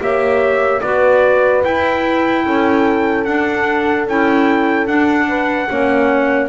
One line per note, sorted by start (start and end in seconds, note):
0.00 0.82 A#3
0.00 0.81 G4
0.00 0.83 C#5
0.00 0.81 E5
0.81 1.64 B3
0.81 1.64 F#4
0.81 2.46 B4
0.81 1.62 D5
1.64 3.26 E4
1.64 2.46 E4
1.64 3.25 G5
2.46 3.26 C#4
2.46 5.29 A4
3.25 4.07 D4
3.25 4.08 D4
3.25 4.06 F#5
4.07 4.87 C#4
4.07 4.87 E4
4.07 4.87 G5
4.87 5.68 D4
4.87 6.49 F#5
5.29 5.69 B4
5.69 6.49 A#3
5.69 6.49 C#4
5.69 6.49 C#5